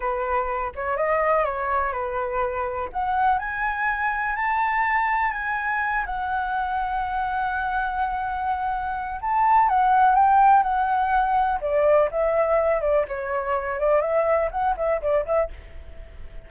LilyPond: \new Staff \with { instrumentName = "flute" } { \time 4/4 \tempo 4 = 124 b'4. cis''8 dis''4 cis''4 | b'2 fis''4 gis''4~ | gis''4 a''2 gis''4~ | gis''8 fis''2.~ fis''8~ |
fis''2. a''4 | fis''4 g''4 fis''2 | d''4 e''4. d''8 cis''4~ | cis''8 d''8 e''4 fis''8 e''8 d''8 e''8 | }